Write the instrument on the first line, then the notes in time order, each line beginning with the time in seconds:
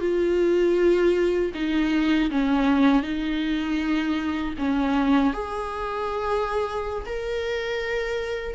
viola
0.00 F4
1.54 D#4
2.30 C#4
3.02 D#4
4.58 C#4
5.33 G#4
7.06 A#4